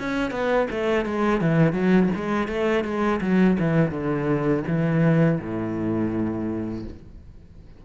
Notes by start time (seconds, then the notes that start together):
0.00 C#4
0.32 B3
0.71 A3
1.06 G#3
1.41 E3
1.73 F#3
2.16 G#3
2.48 A3
2.85 G#3
3.22 F#3
3.60 E3
3.91 D3
4.68 E3
5.41 A2